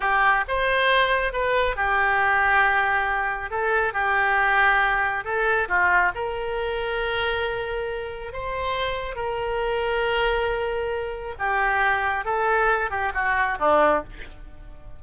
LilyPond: \new Staff \with { instrumentName = "oboe" } { \time 4/4 \tempo 4 = 137 g'4 c''2 b'4 | g'1 | a'4 g'2. | a'4 f'4 ais'2~ |
ais'2. c''4~ | c''4 ais'2.~ | ais'2 g'2 | a'4. g'8 fis'4 d'4 | }